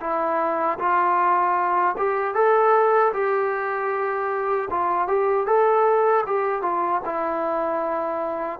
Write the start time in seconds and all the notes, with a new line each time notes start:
0.00 E4
0.79 F4
1.97 G4
2.34 A4
3.13 G4
4.70 F4
5.07 G4
5.46 A4
6.26 G4
6.62 F4
7.05 E4